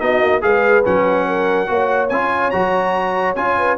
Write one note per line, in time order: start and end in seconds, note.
0.00 0.22 B3
0.00 0.41 D#4
0.00 0.43 F#4
0.00 0.42 D#5
0.22 0.42 A#3
0.41 0.85 G#3
0.41 0.83 G#4
0.41 1.28 B4
0.41 0.85 F5
0.85 1.69 F#3
0.85 1.67 C#4
0.85 2.09 F#5
1.28 1.70 A#4
1.67 2.11 A#3
1.67 2.09 F#4
1.67 3.58 C#5
2.09 2.53 C#4
2.09 2.53 F4
2.09 2.51 G#5
2.51 3.36 F#3
2.51 3.37 F#4
2.51 3.35 A#5
3.36 3.78 C#4
3.36 3.79 F4
3.36 3.78 G#5
3.58 3.79 B4